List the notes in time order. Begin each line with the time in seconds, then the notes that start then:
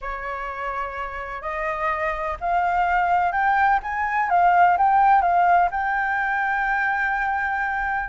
0.01 C#5
1.41 D#5
2.40 F5
3.32 G5
3.82 G#5
4.29 F5
4.77 G5
5.21 F5
5.71 G5